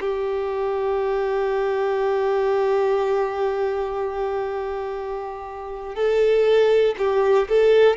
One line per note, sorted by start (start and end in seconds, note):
0.00 5.95 G4
5.95 6.95 A4
6.98 7.48 G4
7.49 7.97 A4